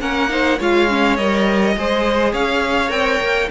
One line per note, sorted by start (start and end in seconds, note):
0.00 0.60 A#3
0.00 0.29 C#4
0.00 0.31 A#4
0.00 0.60 F#5
0.29 0.59 D#4
0.29 0.59 C5
0.59 1.18 G#3
0.59 0.89 F4
0.59 1.75 C#5
0.59 1.17 F5
0.89 1.18 C#4
1.17 1.77 G3
1.17 1.77 A#4
1.17 2.33 D#5
1.77 2.33 G#3
1.77 2.89 G#4
1.77 2.33 C5
2.33 2.91 C#4
2.33 3.50 C#5
2.33 2.91 F5
2.89 3.20 C4
2.89 3.47 A#4
2.89 3.50 G5
3.21 3.50 A#3